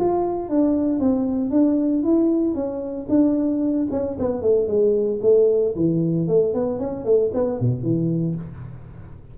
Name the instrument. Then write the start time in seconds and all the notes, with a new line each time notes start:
tuba
0.00 F4
0.50 D4
1.00 C4
1.51 D4
2.04 E4
2.55 C#4
3.09 D4
3.91 C#4
4.19 B3
4.42 A3
4.68 G#3
5.22 A3
5.76 E3
6.28 A3
6.54 B3
6.79 C#4
7.05 A3
7.34 B3
7.61 B2
7.83 E3